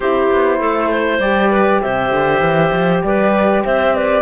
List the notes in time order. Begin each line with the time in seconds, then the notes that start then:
0.00 C4 E4 G4 C5
0.31 B3
0.59 A3 A4
0.90 C5
1.19 G3 G4 D5
1.50 B4
1.81 C3 C5 E5
2.11 D3
2.40 E3
2.72 F3
3.03 G3 B4 D5
3.64 C4 C5 E5
3.95 B4 D5